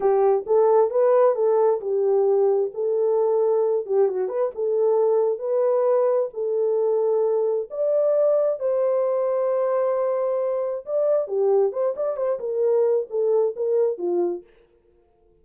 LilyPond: \new Staff \with { instrumentName = "horn" } { \time 4/4 \tempo 4 = 133 g'4 a'4 b'4 a'4 | g'2 a'2~ | a'8 g'8 fis'8 b'8 a'2 | b'2 a'2~ |
a'4 d''2 c''4~ | c''1 | d''4 g'4 c''8 d''8 c''8 ais'8~ | ais'4 a'4 ais'4 f'4 | }